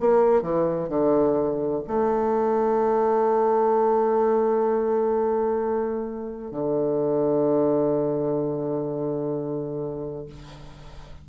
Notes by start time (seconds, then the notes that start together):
0.00 A#3
0.42 E3
0.89 D3
1.87 A3
6.51 D3